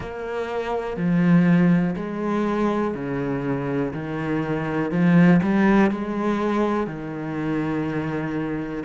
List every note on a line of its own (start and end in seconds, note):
0.00 0.97 A#3
0.97 1.95 F3
1.95 2.94 G#3
2.94 3.93 C#3
3.93 4.91 D#3
4.91 5.40 F3
5.42 5.90 G3
5.90 6.86 G#3
6.86 8.83 D#3